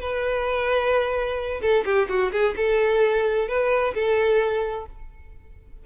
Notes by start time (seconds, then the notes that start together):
0.00 B4
1.61 A4
1.85 G4
2.08 F#4
2.32 G#4
2.56 A4
3.48 B4
3.94 A4